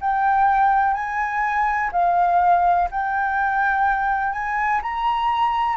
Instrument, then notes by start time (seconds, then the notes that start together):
flute
0.00 G5
0.94 G#5
1.92 F5
2.91 G5
4.32 G#5
4.82 A#5